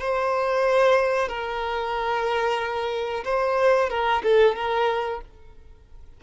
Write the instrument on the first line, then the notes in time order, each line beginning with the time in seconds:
violin
0.00 C5
1.29 A#4
3.25 C5
3.90 A#4
4.24 A4
4.56 A#4